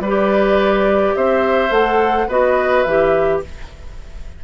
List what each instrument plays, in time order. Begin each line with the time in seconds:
0.00 bassoon G3, oboe B4, flute D5
0.07 clarinet G4
1.16 bassoon C4, oboe C5, flute E5
1.70 bassoon A3, clarinet A4, flute F#5
2.28 bassoon B3, clarinet F#4, oboe B4, flute D#5
2.83 bassoon E3, clarinet G4, flute E5